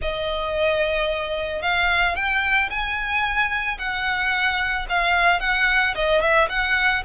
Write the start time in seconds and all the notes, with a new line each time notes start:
0.01 D#5
1.62 F5
2.15 G5
2.70 G#5
3.78 F#5
4.89 F5
5.40 F#5
5.94 D#5
6.21 E5
6.49 F#5